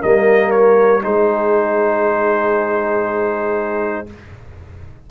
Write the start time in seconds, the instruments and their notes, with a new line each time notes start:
0.00 tuba G3, trombone A#3, horn A#4, trumpet D#5
0.50 trumpet C#5
1.01 tuba G#3, trombone D#4, horn G#4, trumpet C5